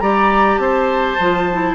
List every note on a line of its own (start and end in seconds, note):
0.00 0.58 G3
0.00 1.18 G4
0.00 0.61 D5
0.00 0.58 A#5
0.58 1.17 C4
0.58 1.75 C5
0.58 1.75 A5
1.19 1.75 F3
1.19 1.50 F4
1.52 1.75 E4